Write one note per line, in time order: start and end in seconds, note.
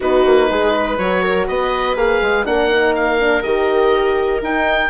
0.00 0.25 B3
0.00 0.98 D#4
0.00 0.49 F#4
0.00 0.97 B4
0.25 0.50 A#3
0.50 0.98 G#3
0.50 0.74 G#4
0.74 1.22 B4
0.97 1.47 F#3
0.97 1.96 F#4
0.97 1.47 C#5
1.22 1.46 A#4
1.46 1.95 B3
1.46 2.45 B4
1.46 1.97 D#5
1.95 2.20 A#3
1.95 2.45 G#4
1.95 2.46 F5
2.21 2.45 G#3
2.45 3.44 A#3
2.45 2.69 D4
2.45 4.90 A#4
2.45 2.95 F#5
2.69 3.19 D#4
2.95 3.43 F5
3.19 3.42 D4
3.42 4.42 D#3
3.42 4.40 G4
3.42 4.41 D#5
4.40 4.89 D#4
4.40 4.90 D#4
4.40 4.90 G5